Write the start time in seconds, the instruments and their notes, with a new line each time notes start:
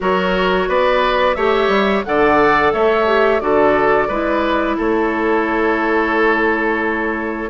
0.00 bassoon F#3, clarinet F#4, oboe A#4, flute C#5
0.68 bassoon B3, oboe B4, flute D5
1.35 bassoon A3, clarinet G4, oboe C#5, flute E5
1.67 bassoon G3
2.04 bassoon D3, clarinet A4, oboe D5, flute F#5
2.72 bassoon A3, oboe C#5, flute E5
3.06 clarinet G4
3.40 bassoon D3, clarinet F#4, oboe A4, flute D5
4.08 bassoon G#3, clarinet E4, oboe B4
4.77 bassoon A3, oboe A4, flute C#5